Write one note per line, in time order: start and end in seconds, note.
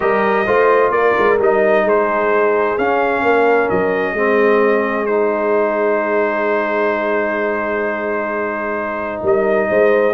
0.00 0.46 G3
0.00 0.45 G4
0.00 0.46 A#4
0.00 0.91 D#5
0.46 0.91 A3
0.46 1.39 F4
0.46 0.92 C5
0.91 1.14 A#3
0.91 1.84 A#4
0.91 1.37 D5
1.17 1.39 G#3
1.39 1.84 G3
1.39 2.77 D#4
1.39 1.88 D#5
1.84 2.76 G#3
1.84 3.23 G#4
1.84 2.77 C5
2.77 4.16 C#4
2.77 3.22 C#4
2.77 3.69 F5
3.22 3.68 A#3
3.22 4.13 A#4
3.69 4.12 F#3
3.69 5.06 D#5
4.12 9.20 G#3
4.12 5.07 C4
4.12 9.20 G#4
5.06 10.14 D#4
5.06 9.21 C5
9.22 9.69 G3
9.22 9.68 A#4
9.22 10.14 D#5
9.69 10.14 G#3
9.69 10.14 C5